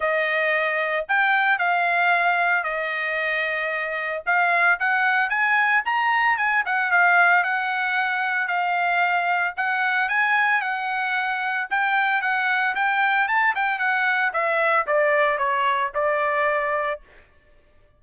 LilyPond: \new Staff \with { instrumentName = "trumpet" } { \time 4/4 \tempo 4 = 113 dis''2 g''4 f''4~ | f''4 dis''2. | f''4 fis''4 gis''4 ais''4 | gis''8 fis''8 f''4 fis''2 |
f''2 fis''4 gis''4 | fis''2 g''4 fis''4 | g''4 a''8 g''8 fis''4 e''4 | d''4 cis''4 d''2 | }